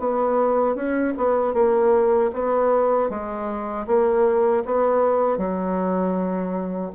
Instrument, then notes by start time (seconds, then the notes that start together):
bassoon
0.00 B3
0.76 C#4
1.18 B3
1.54 A#3
2.33 B3
3.10 G#3
3.87 A#3
4.65 B3
5.38 F#3